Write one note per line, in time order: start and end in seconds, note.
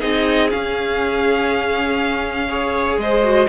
0.00 0.52 C4
0.00 0.49 D#4
0.00 2.48 G#4
0.00 0.50 D#5
0.49 2.48 C#4
0.49 2.97 C#4
0.49 2.98 F5
2.48 3.23 G#4
2.48 2.99 C#5
2.97 3.47 G#3
2.97 3.48 C5
2.97 3.48 D#5
3.23 3.48 F#4